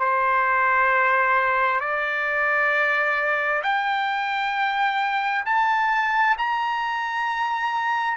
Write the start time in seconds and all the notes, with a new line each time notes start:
0.00 C5
1.81 D5
3.63 G5
5.46 A5
6.38 A#5